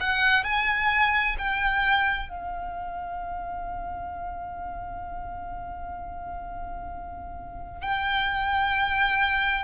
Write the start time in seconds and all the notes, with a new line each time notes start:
0.00 F#5
0.44 G#5
1.38 G5
2.29 F5
7.82 G5